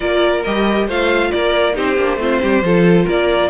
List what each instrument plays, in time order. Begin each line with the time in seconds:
0.00 cello A#3, viola F4, violin A#4 D5
0.43 cello G3, viola G4, violin D#5
0.86 cello A3, viola F4, violin C5 F5
1.31 cello A#3, violin A#4 D5
1.73 cello C4, viola D#4, violin G4 C5
1.96 cello A#3, viola D4
2.16 cello A3, viola C4, violin F4
2.42 cello G3, violin G4
2.62 cello F3, viola F4, violin A4
3.05 cello A#3, violin A#4 D5